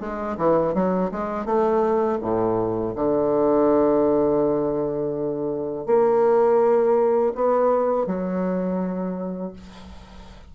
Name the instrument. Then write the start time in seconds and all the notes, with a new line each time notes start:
bassoon
0.00 G#3
0.37 E3
0.74 F#3
1.11 G#3
1.45 A3
2.21 A2
2.95 D3
5.86 A#3
7.35 B3
8.06 F#3